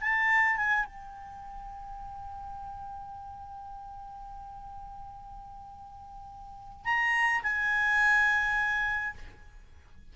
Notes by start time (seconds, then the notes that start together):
0.00 A5
0.56 G#5
0.85 G5
6.84 A#5
7.42 G#5